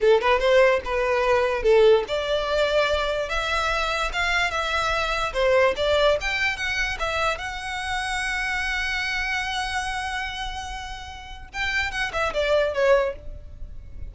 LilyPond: \new Staff \with { instrumentName = "violin" } { \time 4/4 \tempo 4 = 146 a'8 b'8 c''4 b'2 | a'4 d''2. | e''2 f''4 e''4~ | e''4 c''4 d''4 g''4 |
fis''4 e''4 fis''2~ | fis''1~ | fis''1 | g''4 fis''8 e''8 d''4 cis''4 | }